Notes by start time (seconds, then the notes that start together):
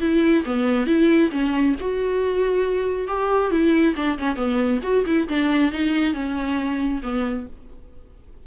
0.00 E4
0.45 B3
0.86 E4
1.31 C#4
1.80 F#4
3.07 G4
3.51 E4
3.96 D4
4.18 C#4
4.36 B3
4.83 F#4
5.06 E4
5.28 D4
5.72 D#4
6.13 C#4
7.03 B3